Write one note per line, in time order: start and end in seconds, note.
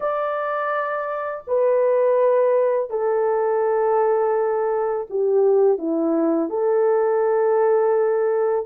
0.00 1.44 D5
1.47 2.90 B4
2.90 5.07 A4
5.10 5.78 G4
5.78 6.49 E4
6.49 8.65 A4